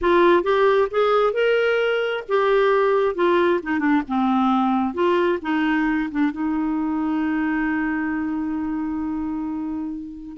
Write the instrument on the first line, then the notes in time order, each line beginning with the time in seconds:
clarinet
0.01 F4
0.43 G4
0.90 G#4
1.33 A#4
2.28 G4
3.15 F4
3.62 D#4
3.79 D4
4.08 C4
4.93 F4
5.42 D#4
6.11 D4
6.31 D#4